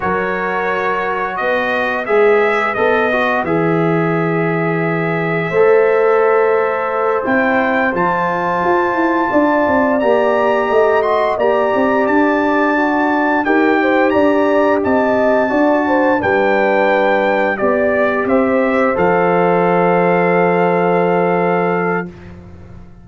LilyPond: <<
  \new Staff \with { instrumentName = "trumpet" } { \time 4/4 \tempo 4 = 87 cis''2 dis''4 e''4 | dis''4 e''2.~ | e''2~ e''8 g''4 a''8~ | a''2~ a''8 ais''4. |
c'''8 ais''4 a''2 g''8~ | g''8 ais''4 a''2 g''8~ | g''4. d''4 e''4 f''8~ | f''1 | }
  \new Staff \with { instrumentName = "horn" } { \time 4/4 ais'2 b'2~ | b'1 | c''1~ | c''4. d''2 dis''8~ |
dis''8 d''2. ais'8 | c''8 d''4 dis''4 d''8 c''8 b'8~ | b'4. d''4 c''4.~ | c''1 | }
  \new Staff \with { instrumentName = "trombone" } { \time 4/4 fis'2. gis'4 | a'8 fis'8 gis'2. | a'2~ a'8 e'4 f'8~ | f'2~ f'8 g'4. |
fis'8 g'2 fis'4 g'8~ | g'2~ g'8 fis'4 d'8~ | d'4. g'2 a'8~ | a'1 | }
  \new Staff \with { instrumentName = "tuba" } { \time 4/4 fis2 b4 gis4 | b4 e2. | a2~ a8 c'4 f8~ | f8 f'8 e'8 d'8 c'8 ais4 a8~ |
a8 ais8 c'8 d'2 dis'8~ | dis'8 d'4 c'4 d'4 g8~ | g4. b4 c'4 f8~ | f1 | }
>>